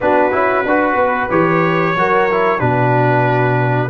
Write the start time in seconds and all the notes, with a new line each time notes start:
0.00 B3 D4 F#4 B4
0.31 C#4 E4
0.64 D4 F#4 B4
0.95 B3
1.30 E3 G4 C#5
1.95 F#3 F#4 A#4
2.30 E4
2.59 B2 D4 F#4 B4